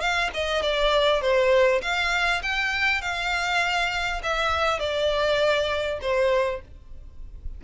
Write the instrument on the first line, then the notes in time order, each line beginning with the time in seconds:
violin
0.00 F5
0.33 D#5
0.62 D5
1.21 C5
1.81 F5
2.42 G5
3.01 F5
4.23 E5
4.79 D5
6.01 C5